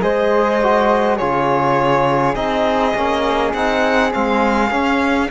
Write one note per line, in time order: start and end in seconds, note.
0.00 1.20 G#3
0.00 0.59 G#4
0.00 1.16 C5
0.00 1.17 D#5
0.62 1.19 F#4
1.16 2.35 C#3
1.16 2.35 F4
1.16 5.28 G#4
1.16 2.35 C#5
2.35 2.94 C4
2.35 2.94 D#4
2.35 3.52 D#5
2.94 3.53 A#3
2.94 3.55 C#4
3.53 4.12 C4
3.53 4.11 D#4
3.53 4.12 F#5
4.11 4.71 G#3
4.11 4.70 C4
4.11 5.31 F5
4.71 5.29 C#4
4.71 5.30 C#4